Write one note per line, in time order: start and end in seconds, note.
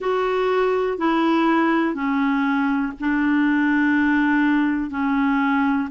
0.00 0.97 F#4
0.97 1.94 E4
1.94 2.92 C#4
3.00 4.90 D4
4.90 5.88 C#4